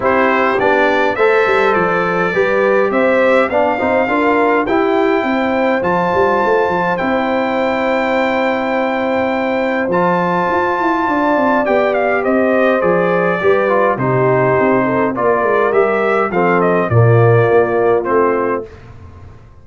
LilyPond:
<<
  \new Staff \with { instrumentName = "trumpet" } { \time 4/4 \tempo 4 = 103 c''4 d''4 e''4 d''4~ | d''4 e''4 f''2 | g''2 a''2 | g''1~ |
g''4 a''2. | g''8 f''8 dis''4 d''2 | c''2 d''4 e''4 | f''8 dis''8 d''2 c''4 | }
  \new Staff \with { instrumentName = "horn" } { \time 4/4 g'2 c''2 | b'4 c''4 d''8 c''8 ais'4 | g'4 c''2.~ | c''1~ |
c''2. d''4~ | d''4 c''2 b'4 | g'4. a'8 ais'2 | a'4 f'2. | }
  \new Staff \with { instrumentName = "trombone" } { \time 4/4 e'4 d'4 a'2 | g'2 d'8 dis'8 f'4 | e'2 f'2 | e'1~ |
e'4 f'2. | g'2 gis'4 g'8 f'8 | dis'2 f'4 g'4 | c'4 ais2 c'4 | }
  \new Staff \with { instrumentName = "tuba" } { \time 4/4 c'4 b4 a8 g8 f4 | g4 c'4 b8 c'8 d'4 | e'4 c'4 f8 g8 a8 f8 | c'1~ |
c'4 f4 f'8 e'8 d'8 c'8 | b4 c'4 f4 g4 | c4 c'4 ais8 gis8 g4 | f4 ais,4 ais4 a4 | }
>>